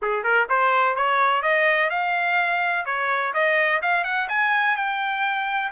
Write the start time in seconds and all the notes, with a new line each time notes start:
0.02 G#4
0.23 A#4
0.49 C5
0.95 C#5
1.42 D#5
1.90 F5
2.85 C#5
3.33 D#5
3.81 F5
4.04 F#5
4.29 G#5
4.76 G5